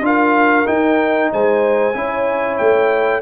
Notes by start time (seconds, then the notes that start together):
0.00 D4 F4 A#4 F5
0.65 D#4 G5
1.32 G#3 C5 G#5
1.94 C#4 E4 C#5
2.57 A3 G5